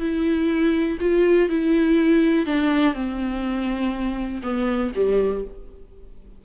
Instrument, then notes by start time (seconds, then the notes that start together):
viola
0.00 E4
1.01 F4
1.50 E4
2.47 D4
2.94 C4
4.43 B3
4.96 G3